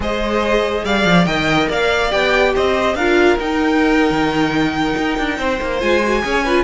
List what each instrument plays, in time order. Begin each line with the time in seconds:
0.00 cello G#3, viola G#4, violin C5 D#5
0.84 cello G3, violin D5 F5
1.05 cello F3
1.25 cello D#3, viola A#4, violin D#5 G5
1.67 cello A#3, violin D5 F5
2.09 cello B3, viola G4, violin G5
2.54 cello C4, violin C5 D#5
2.94 cello D4, viola F4, violin A#4 F5
3.39 cello D#4, viola D#4, violin G5
4.10 cello D#3
4.97 cello D#4
5.18 cello D4
5.37 cello C4, violin C5
5.61 cello A#3
5.79 cello G#3, viola F4, violin G#5
6.03 viola F#4
6.22 cello C#4, viola G#4, violin C#5
6.43 viola F4, violin B4